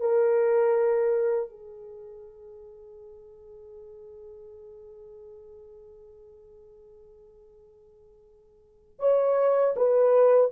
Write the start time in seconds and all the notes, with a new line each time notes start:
0.00 A#4
1.50 G#4
9.00 C#5
9.76 B4